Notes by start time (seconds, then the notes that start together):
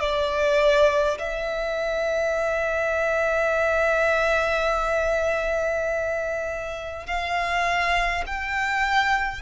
0.00 D5
1.19 E5
7.06 F5
8.26 G5